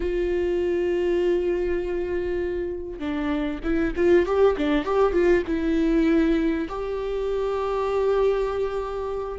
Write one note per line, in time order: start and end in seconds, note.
0.00 2.99 F4
2.99 3.59 D4
3.63 3.93 E4
3.96 4.26 F4
4.26 4.56 G4
4.57 4.84 D4
4.84 5.12 G4
5.12 5.43 F4
5.46 6.67 E4
6.68 9.39 G4